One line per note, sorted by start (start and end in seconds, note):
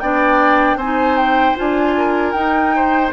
0.00 0.76 B3
0.00 0.80 D4
0.00 0.78 D5
0.00 0.78 G5
0.76 1.54 C4
0.76 1.94 C5
0.76 1.17 G#5
0.83 1.56 D#4
1.17 1.56 G5
1.56 2.34 D4
1.56 2.34 F4
1.56 2.32 G#5
1.98 2.76 A#4
2.32 3.12 D#4
2.32 3.13 D#4
2.32 3.10 G5
2.76 3.13 C5